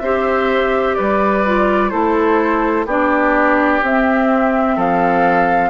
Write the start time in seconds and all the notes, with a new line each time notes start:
0.00 C4 G4 C5 E5
0.95 G3 B4 D5
1.46 F4
1.90 A3 E4 A4 C5
2.86 B3 D4 G4 D5
3.82 C4 E5
4.76 F3 A4 F5